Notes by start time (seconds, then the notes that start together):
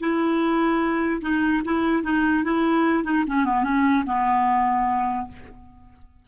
0.00 E4
1.22 D#4
1.65 E4
2.03 D#4
2.44 E4
3.04 D#4
3.27 C#4
3.45 B3
3.64 C#4
4.06 B3